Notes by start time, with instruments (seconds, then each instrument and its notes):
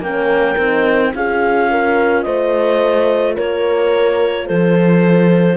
0.00 cello A#3, horn C#4 A#4, clarinet G5
0.58 cello C4, horn D#4
1.14 cello C#4, horn F4 G#4, clarinet F5
1.71 horn A#4
2.23 cello A3, horn C5, clarinet D#5
3.36 cello A#3, horn A#4, clarinet C#5
4.46 cello F3, horn A4, clarinet C5